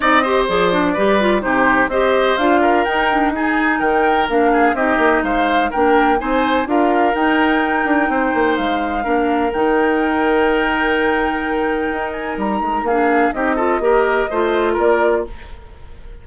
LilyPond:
<<
  \new Staff \with { instrumentName = "flute" } { \time 4/4 \tempo 4 = 126 dis''4 d''2 c''4 | dis''4 f''4 g''4 gis''4 | g''4 f''4 dis''4 f''4 | g''4 gis''4 f''4 g''4~ |
g''2 f''2 | g''1~ | g''4. gis''8 ais''4 f''4 | dis''2. d''4 | }
  \new Staff \with { instrumentName = "oboe" } { \time 4/4 d''8 c''4. b'4 g'4 | c''4. ais'4. gis'4 | ais'4. gis'8 g'4 c''4 | ais'4 c''4 ais'2~ |
ais'4 c''2 ais'4~ | ais'1~ | ais'2. gis'4 | g'8 a'8 ais'4 c''4 ais'4 | }
  \new Staff \with { instrumentName = "clarinet" } { \time 4/4 dis'8 g'8 gis'8 d'8 g'8 f'8 dis'4 | g'4 f'4 dis'8 d'8 dis'4~ | dis'4 d'4 dis'2 | d'4 dis'4 f'4 dis'4~ |
dis'2. d'4 | dis'1~ | dis'2. d'4 | dis'8 f'8 g'4 f'2 | }
  \new Staff \with { instrumentName = "bassoon" } { \time 4/4 c'4 f4 g4 c4 | c'4 d'4 dis'2 | dis4 ais4 c'8 ais8 gis4 | ais4 c'4 d'4 dis'4~ |
dis'8 d'8 c'8 ais8 gis4 ais4 | dis1~ | dis4 dis'4 g8 gis8 ais4 | c'4 ais4 a4 ais4 | }
>>